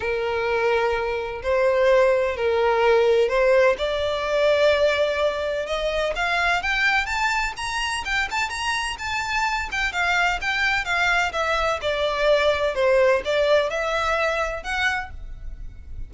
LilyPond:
\new Staff \with { instrumentName = "violin" } { \time 4/4 \tempo 4 = 127 ais'2. c''4~ | c''4 ais'2 c''4 | d''1 | dis''4 f''4 g''4 a''4 |
ais''4 g''8 a''8 ais''4 a''4~ | a''8 g''8 f''4 g''4 f''4 | e''4 d''2 c''4 | d''4 e''2 fis''4 | }